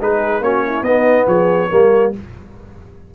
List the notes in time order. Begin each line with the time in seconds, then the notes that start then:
0.00 G#3 D#4 G#4 B4
0.41 A#3 C#4 F#4 C#5
0.66 E4
0.82 B3 D#4 D#5
1.27 F3 G#4 C#5
1.71 G3 A#3 A#4